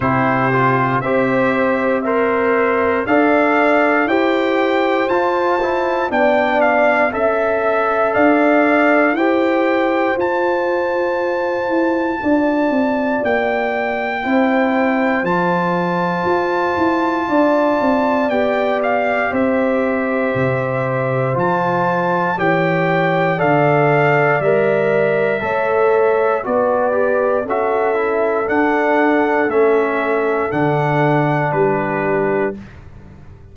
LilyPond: <<
  \new Staff \with { instrumentName = "trumpet" } { \time 4/4 \tempo 4 = 59 c''4 e''4 c''4 f''4 | g''4 a''4 g''8 f''8 e''4 | f''4 g''4 a''2~ | a''4 g''2 a''4~ |
a''2 g''8 f''8 e''4~ | e''4 a''4 g''4 f''4 | e''2 d''4 e''4 | fis''4 e''4 fis''4 b'4 | }
  \new Staff \with { instrumentName = "horn" } { \time 4/4 g'4 c''4 e''4 d''4 | c''2 d''4 e''4 | d''4 c''2. | d''2 c''2~ |
c''4 d''2 c''4~ | c''2 cis''4 d''4~ | d''4 cis''4 b'4 a'4~ | a'2. g'4 | }
  \new Staff \with { instrumentName = "trombone" } { \time 4/4 e'8 f'8 g'4 ais'4 a'4 | g'4 f'8 e'8 d'4 a'4~ | a'4 g'4 f'2~ | f'2 e'4 f'4~ |
f'2 g'2~ | g'4 f'4 g'4 a'4 | ais'4 a'4 fis'8 g'8 fis'8 e'8 | d'4 cis'4 d'2 | }
  \new Staff \with { instrumentName = "tuba" } { \time 4/4 c4 c'2 d'4 | e'4 f'4 b4 cis'4 | d'4 e'4 f'4. e'8 | d'8 c'8 ais4 c'4 f4 |
f'8 e'8 d'8 c'8 b4 c'4 | c4 f4 e4 d4 | g4 a4 b4 cis'4 | d'4 a4 d4 g4 | }
>>